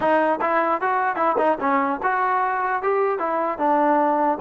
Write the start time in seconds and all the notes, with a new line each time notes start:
0.00 D#4
0.41 E4
0.81 F#4
1.16 E4
1.38 D#4
1.60 C#4
2.02 F#4
2.82 G4
3.18 E4
3.58 D4